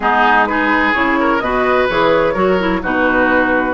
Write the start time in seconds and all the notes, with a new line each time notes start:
0.00 G#3 B3 D#4 G#4
0.46 D#4 G#4 B4
0.93 C#3 E4 C#5
1.19 A#4
1.39 B2 F#4 B4 D#5
1.89 E3 G#4 C#5
2.33 F#3 F#4 A#4
2.58 E4
2.82 B2 D#4 F#4 B4